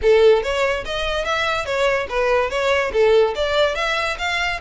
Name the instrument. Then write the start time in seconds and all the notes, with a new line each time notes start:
violin
0.02 A4
0.42 C#5
0.85 D#5
1.24 E5
1.65 C#5
2.09 B4
2.50 C#5
2.92 A4
3.35 D5
3.75 E5
4.18 F5